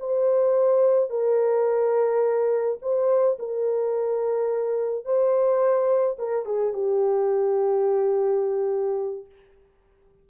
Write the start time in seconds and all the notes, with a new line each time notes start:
0.00 C5
1.10 A#4
2.82 C5
3.39 A#4
5.05 C5
6.19 A#4
6.46 G#4
6.74 G4